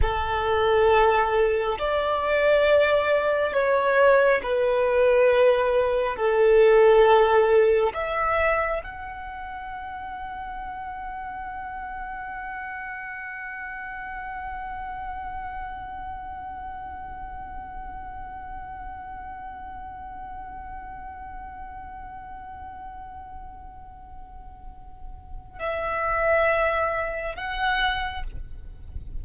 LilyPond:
\new Staff \with { instrumentName = "violin" } { \time 4/4 \tempo 4 = 68 a'2 d''2 | cis''4 b'2 a'4~ | a'4 e''4 fis''2~ | fis''1~ |
fis''1~ | fis''1~ | fis''1~ | fis''4 e''2 fis''4 | }